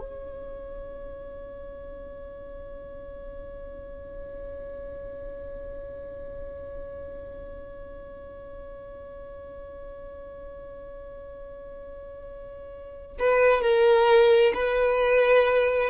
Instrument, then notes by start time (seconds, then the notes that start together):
violin
0.00 C#5
13.19 B4
13.62 A#4
14.55 B4